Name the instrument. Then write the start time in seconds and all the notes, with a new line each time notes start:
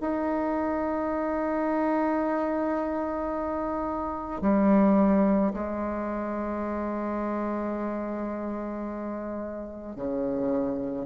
bassoon
0.00 D#4
4.41 G3
5.53 G#3
9.95 C#3